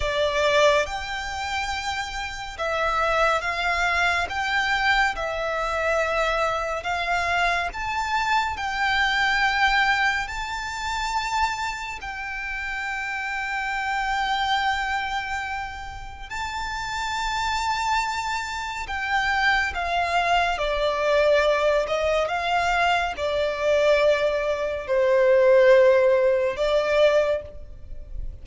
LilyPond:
\new Staff \with { instrumentName = "violin" } { \time 4/4 \tempo 4 = 70 d''4 g''2 e''4 | f''4 g''4 e''2 | f''4 a''4 g''2 | a''2 g''2~ |
g''2. a''4~ | a''2 g''4 f''4 | d''4. dis''8 f''4 d''4~ | d''4 c''2 d''4 | }